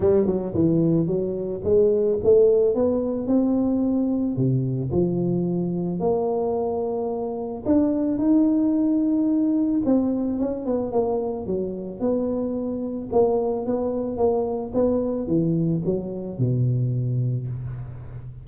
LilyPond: \new Staff \with { instrumentName = "tuba" } { \time 4/4 \tempo 4 = 110 g8 fis8 e4 fis4 gis4 | a4 b4 c'2 | c4 f2 ais4~ | ais2 d'4 dis'4~ |
dis'2 c'4 cis'8 b8 | ais4 fis4 b2 | ais4 b4 ais4 b4 | e4 fis4 b,2 | }